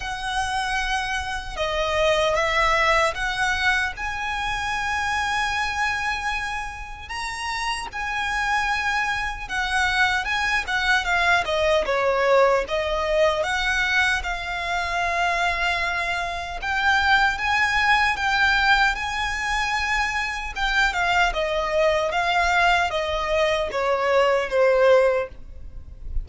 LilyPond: \new Staff \with { instrumentName = "violin" } { \time 4/4 \tempo 4 = 76 fis''2 dis''4 e''4 | fis''4 gis''2.~ | gis''4 ais''4 gis''2 | fis''4 gis''8 fis''8 f''8 dis''8 cis''4 |
dis''4 fis''4 f''2~ | f''4 g''4 gis''4 g''4 | gis''2 g''8 f''8 dis''4 | f''4 dis''4 cis''4 c''4 | }